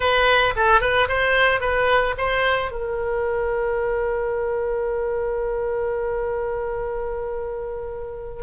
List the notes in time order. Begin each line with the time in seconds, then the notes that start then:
0.00 B4
0.56 A4
0.80 B4
1.08 C5
1.60 B4
2.17 C5
2.71 A#4